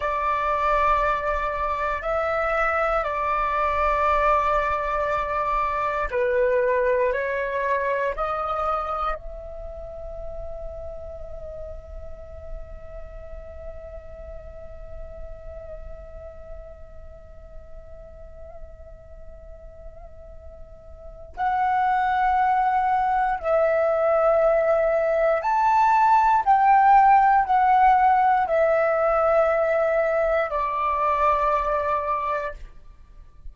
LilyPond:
\new Staff \with { instrumentName = "flute" } { \time 4/4 \tempo 4 = 59 d''2 e''4 d''4~ | d''2 b'4 cis''4 | dis''4 e''2.~ | e''1~ |
e''1~ | e''4 fis''2 e''4~ | e''4 a''4 g''4 fis''4 | e''2 d''2 | }